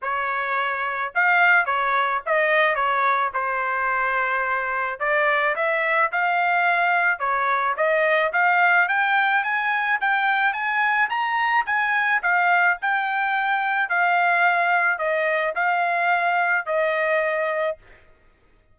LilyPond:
\new Staff \with { instrumentName = "trumpet" } { \time 4/4 \tempo 4 = 108 cis''2 f''4 cis''4 | dis''4 cis''4 c''2~ | c''4 d''4 e''4 f''4~ | f''4 cis''4 dis''4 f''4 |
g''4 gis''4 g''4 gis''4 | ais''4 gis''4 f''4 g''4~ | g''4 f''2 dis''4 | f''2 dis''2 | }